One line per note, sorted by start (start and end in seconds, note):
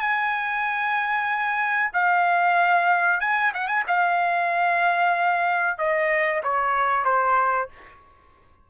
0.00 1.91 G#5
1.93 3.21 F5
3.21 3.53 G#5
3.54 3.68 F#5
3.68 3.84 G#5
3.87 5.78 F5
5.78 6.42 D#5
6.43 7.05 C#5
7.05 7.69 C5